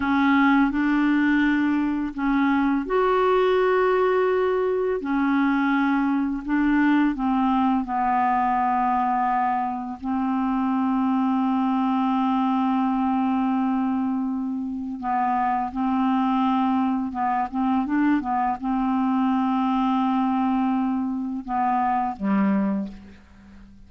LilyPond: \new Staff \with { instrumentName = "clarinet" } { \time 4/4 \tempo 4 = 84 cis'4 d'2 cis'4 | fis'2. cis'4~ | cis'4 d'4 c'4 b4~ | b2 c'2~ |
c'1~ | c'4 b4 c'2 | b8 c'8 d'8 b8 c'2~ | c'2 b4 g4 | }